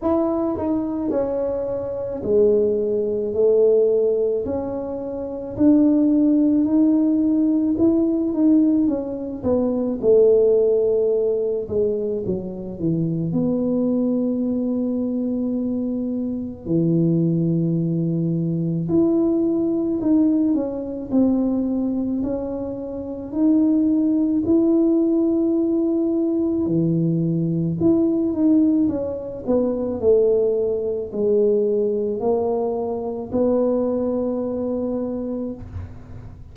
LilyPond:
\new Staff \with { instrumentName = "tuba" } { \time 4/4 \tempo 4 = 54 e'8 dis'8 cis'4 gis4 a4 | cis'4 d'4 dis'4 e'8 dis'8 | cis'8 b8 a4. gis8 fis8 e8 | b2. e4~ |
e4 e'4 dis'8 cis'8 c'4 | cis'4 dis'4 e'2 | e4 e'8 dis'8 cis'8 b8 a4 | gis4 ais4 b2 | }